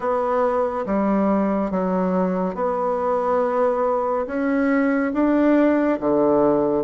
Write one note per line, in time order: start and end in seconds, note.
0.00 0.85 B3
0.86 1.71 G3
1.71 2.54 F#3
2.54 4.26 B3
4.26 5.12 C#4
5.13 5.99 D4
6.00 6.84 D3